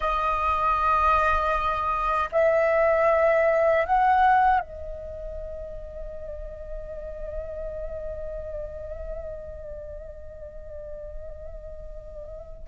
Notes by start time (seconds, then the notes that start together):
0.00 D#5
2.31 E5
3.85 F#5
4.60 D#5